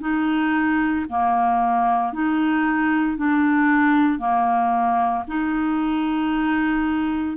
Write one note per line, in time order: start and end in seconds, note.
0.00 1.05 D#4
1.09 2.12 A#3
2.12 3.17 D#4
3.17 4.19 D4
4.19 5.24 A#3
5.27 7.36 D#4